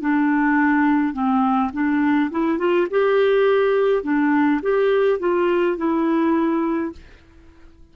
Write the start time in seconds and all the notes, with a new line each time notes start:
0.00 D4
1.13 C4
1.73 D4
2.30 E4
2.58 F4
2.90 G4
4.03 D4
4.62 G4
5.19 F4
5.77 E4